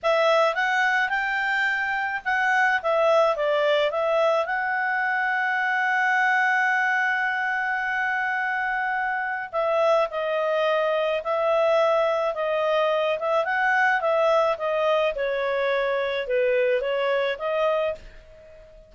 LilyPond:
\new Staff \with { instrumentName = "clarinet" } { \time 4/4 \tempo 4 = 107 e''4 fis''4 g''2 | fis''4 e''4 d''4 e''4 | fis''1~ | fis''1~ |
fis''4 e''4 dis''2 | e''2 dis''4. e''8 | fis''4 e''4 dis''4 cis''4~ | cis''4 b'4 cis''4 dis''4 | }